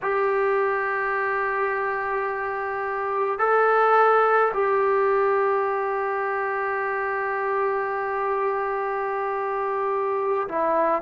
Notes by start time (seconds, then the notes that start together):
0.02 G4
3.38 A4
4.53 G4
10.48 E4